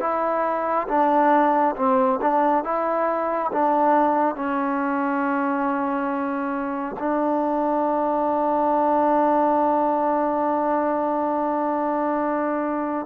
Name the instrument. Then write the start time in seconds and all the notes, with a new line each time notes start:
trombone
0.00 E4
0.88 D4
1.76 C4
2.22 D4
2.64 E4
3.53 D4
4.35 C#4
6.99 D4